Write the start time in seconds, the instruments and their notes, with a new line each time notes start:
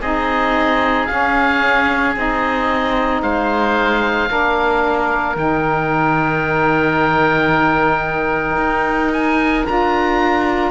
0.00 cello C4, saxophone D#4, oboe G#4 D#5
1.06 saxophone C#4, cello C#4, oboe F5
2.16 cello C4, saxophone D#4, oboe D#5
3.22 cello G#3, oboe C5 F5
4.28 cello A#3, saxophone D4, oboe A#4
5.36 cello D#3, saxophone D#4, oboe G5
8.57 cello D#4
9.13 oboe G#5
9.66 cello D4, saxophone F4, oboe A#5